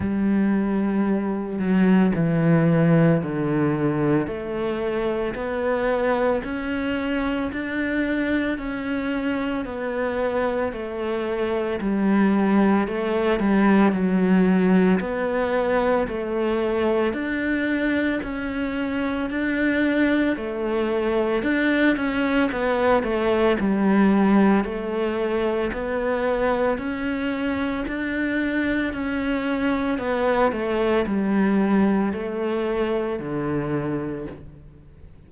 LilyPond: \new Staff \with { instrumentName = "cello" } { \time 4/4 \tempo 4 = 56 g4. fis8 e4 d4 | a4 b4 cis'4 d'4 | cis'4 b4 a4 g4 | a8 g8 fis4 b4 a4 |
d'4 cis'4 d'4 a4 | d'8 cis'8 b8 a8 g4 a4 | b4 cis'4 d'4 cis'4 | b8 a8 g4 a4 d4 | }